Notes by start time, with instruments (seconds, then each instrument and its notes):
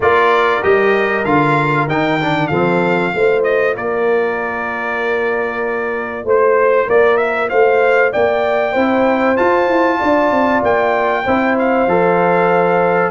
0.00 tuba A#3, trombone F4, horn A#4, trumpet D5
0.62 tuba G3, trombone G4, trumpet D#5
1.24 tuba D3, trombone F4, trumpet F5
1.87 tuba D#3, trombone D#4, trumpet G5
2.20 trombone D4
2.47 tuba F3, trombone C4, horn A4, trumpet F5
3.13 tuba A3, trombone F4, horn C5
3.43 trumpet D#5
3.76 tuba A#3, horn A#4, trumpet D5
6.24 tuba A3, horn C5, trumpet C5
6.86 tuba A#3, horn A#4, trumpet D5
7.17 trumpet E5
7.49 tuba A3, horn C5, trumpet F5
8.12 tuba A#3, horn D5, trumpet G5
8.72 tuba C4, trombone E4, horn C5
9.36 trombone F4, tuba F4, trumpet A5
9.67 tuba E4
9.99 tuba D4, horn D5
10.30 tuba C4
10.62 tuba A#3, trumpet G5
11.23 tuba C4, trombone E4, horn C5
11.58 trumpet F5
11.86 tuba F3, trombone A4